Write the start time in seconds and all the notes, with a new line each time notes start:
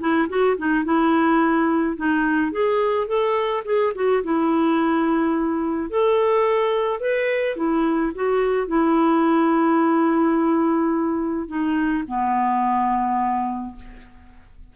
0.00 E4
0.29 F#4
0.57 D#4
0.85 E4
1.97 D#4
2.52 G#4
3.07 A4
3.65 G#4
3.95 F#4
4.23 E4
5.90 A4
7.00 B4
7.56 E4
8.15 F#4
8.68 E4
11.48 D#4
12.08 B3